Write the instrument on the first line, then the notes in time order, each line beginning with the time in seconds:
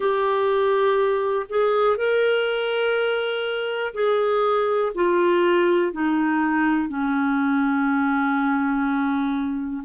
clarinet
0.00 G4
1.49 G#4
1.97 A#4
3.93 G#4
4.94 F4
5.92 D#4
6.88 C#4